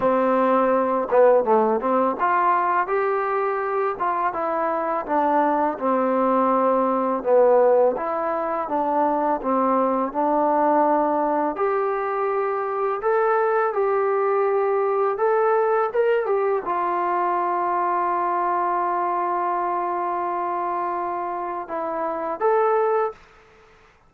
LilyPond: \new Staff \with { instrumentName = "trombone" } { \time 4/4 \tempo 4 = 83 c'4. b8 a8 c'8 f'4 | g'4. f'8 e'4 d'4 | c'2 b4 e'4 | d'4 c'4 d'2 |
g'2 a'4 g'4~ | g'4 a'4 ais'8 g'8 f'4~ | f'1~ | f'2 e'4 a'4 | }